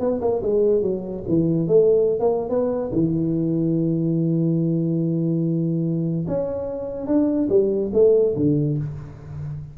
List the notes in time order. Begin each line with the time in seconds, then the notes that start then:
0.00 B3
0.21 A#3
0.43 G#3
0.82 F#3
1.28 E3
1.68 A3
2.20 A#3
2.50 B3
2.93 E3
6.28 C#4
7.07 D4
7.50 G3
7.94 A3
8.36 D3